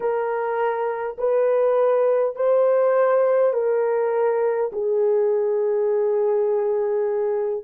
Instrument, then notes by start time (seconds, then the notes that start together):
horn
0.00 A#4
1.18 B4
2.35 C5
3.53 A#4
4.72 G#4